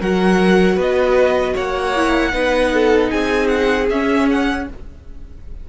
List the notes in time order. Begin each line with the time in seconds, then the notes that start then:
0.00 F#3 F#4 A#4 F#5
0.75 B3 B4 D#5
1.53 A#3 C#5 F#5
1.96 E4
2.32 B3 D#4 B4
2.73 A4
3.10 C4 G#4 G#5
3.47 F#5
3.90 C#4 E5
4.30 F#5